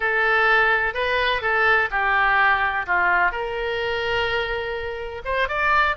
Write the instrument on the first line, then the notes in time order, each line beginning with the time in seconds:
oboe
0.00 A4
0.94 B4
1.41 A4
1.90 G4
2.86 F4
3.31 A#4
5.24 C5
5.48 D5